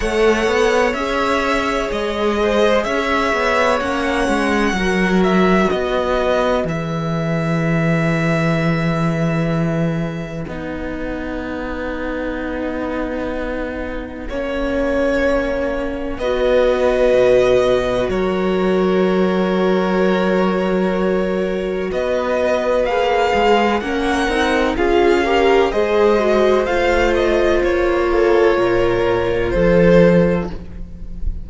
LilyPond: <<
  \new Staff \with { instrumentName = "violin" } { \time 4/4 \tempo 4 = 63 fis''4 e''4 dis''4 e''4 | fis''4. e''8 dis''4 e''4~ | e''2. fis''4~ | fis''1~ |
fis''4 dis''2 cis''4~ | cis''2. dis''4 | f''4 fis''4 f''4 dis''4 | f''8 dis''8 cis''2 c''4 | }
  \new Staff \with { instrumentName = "violin" } { \time 4/4 cis''2~ cis''8 c''8 cis''4~ | cis''4 ais'4 b'2~ | b'1~ | b'2. cis''4~ |
cis''4 b'2 ais'4~ | ais'2. b'4~ | b'4 ais'4 gis'8 ais'8 c''4~ | c''4. a'8 ais'4 a'4 | }
  \new Staff \with { instrumentName = "viola" } { \time 4/4 a'4 gis'2. | cis'4 fis'2 gis'4~ | gis'2. dis'4~ | dis'2. cis'4~ |
cis'4 fis'2.~ | fis'1 | gis'4 cis'8 dis'8 f'8 g'8 gis'8 fis'8 | f'1 | }
  \new Staff \with { instrumentName = "cello" } { \time 4/4 a8 b8 cis'4 gis4 cis'8 b8 | ais8 gis8 fis4 b4 e4~ | e2. b4~ | b2. ais4~ |
ais4 b4 b,4 fis4~ | fis2. b4 | ais8 gis8 ais8 c'8 cis'4 gis4 | a4 ais4 ais,4 f4 | }
>>